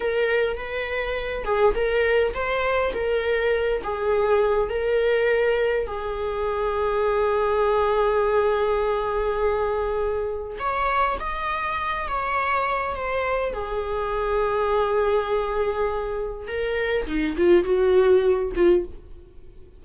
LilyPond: \new Staff \with { instrumentName = "viola" } { \time 4/4 \tempo 4 = 102 ais'4 b'4. gis'8 ais'4 | c''4 ais'4. gis'4. | ais'2 gis'2~ | gis'1~ |
gis'2 cis''4 dis''4~ | dis''8 cis''4. c''4 gis'4~ | gis'1 | ais'4 dis'8 f'8 fis'4. f'8 | }